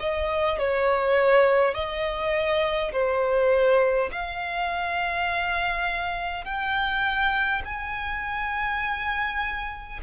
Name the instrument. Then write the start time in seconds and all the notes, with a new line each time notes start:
violin
0.00 D#5
0.59 C#5
1.74 D#5
2.92 C5
4.12 F5
6.44 G5
7.65 G#5